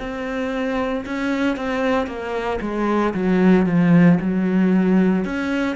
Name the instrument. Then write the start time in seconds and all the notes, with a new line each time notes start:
cello
0.00 C4
1.06 C#4
1.57 C4
2.07 A#3
2.61 G#3
3.14 F#3
3.67 F3
4.21 F#3
5.25 C#4